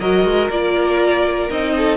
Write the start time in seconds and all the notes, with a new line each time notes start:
0.00 F#3 F#4 A#4 D#5
0.25 G#3
0.50 A#3 F4 D5
1.50 C4 D#4 D#5
1.77 A4